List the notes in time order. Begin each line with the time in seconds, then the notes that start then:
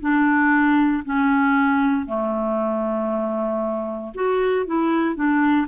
0.00 D4
1.04 C#4
2.06 A3
4.14 F#4
4.66 E4
5.15 D4